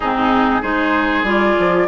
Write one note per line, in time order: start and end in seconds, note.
0.00 0.63 G#2
0.00 0.62 C4
0.00 0.61 D#4
0.00 0.62 G#4
0.61 1.23 G#3
0.61 1.25 D#4
0.61 1.87 G#4
0.61 1.26 C5
1.23 1.54 G3
1.23 1.87 F4
1.23 1.87 D5
1.58 1.87 F3